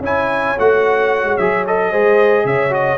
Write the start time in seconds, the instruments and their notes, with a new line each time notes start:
0.00 tuba C#4, trombone E4, horn C#5, trumpet G#5
0.59 tuba A3, trombone F#4, trumpet F#5
1.24 tuba G#3
1.37 tuba F#3, trombone G#4, trumpet E5
1.67 trombone A4, trumpet D#5
1.90 tuba G#3, trombone G#4, horn C5
2.44 tuba C#3, horn C#5, trumpet E5
2.70 trombone F#4, trumpet D#5